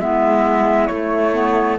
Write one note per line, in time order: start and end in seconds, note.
0.00 0.90 G#3
0.00 0.89 B3
0.00 1.79 E4
0.00 0.87 E5
0.87 1.33 A3
0.87 1.79 A3
0.87 1.77 C#5
1.33 1.78 B3